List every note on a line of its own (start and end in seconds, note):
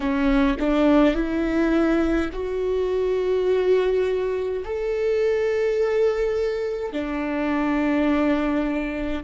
0.00 0.56 C#4
0.59 1.14 D4
1.14 2.30 E4
2.32 4.63 F#4
4.64 6.92 A4
6.92 9.23 D4